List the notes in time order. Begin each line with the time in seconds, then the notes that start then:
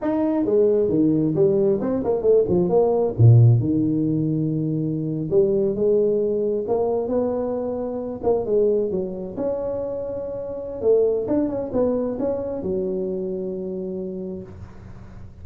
0.01 D#4
0.45 G#3
0.89 D#3
1.35 G3
1.80 C4
2.04 A#3
2.22 A3
2.48 F3
2.69 A#3
3.18 A#2
3.60 D#3
5.30 G3
5.75 G#3
6.67 A#3
7.08 B3
8.23 A#3
8.45 G#3
8.91 F#3
9.36 C#4
10.81 A3
11.27 D4
11.48 C#4
11.73 B3
12.19 C#4
12.62 F#3